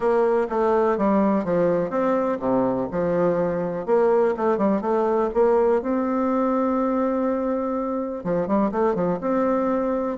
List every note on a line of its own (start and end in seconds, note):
0.00 0.47 A#3
0.49 0.97 A3
0.97 1.44 G3
1.44 1.90 F3
1.90 2.38 C4
2.39 2.88 C3
2.91 3.86 F3
3.86 4.34 A#3
4.36 4.57 A3
4.57 4.81 G3
4.81 5.29 A3
5.34 5.82 A#3
5.82 8.24 C4
8.24 8.47 F3
8.47 8.71 G3
8.71 8.94 A3
8.94 9.18 F3
9.20 10.17 C4